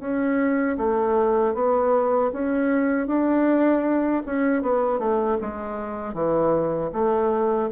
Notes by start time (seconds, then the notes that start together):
0.00 C#4
0.78 A3
1.55 B3
2.33 C#4
3.07 D4
4.26 C#4
4.63 B3
4.99 A3
5.41 G#3
6.14 E3
6.93 A3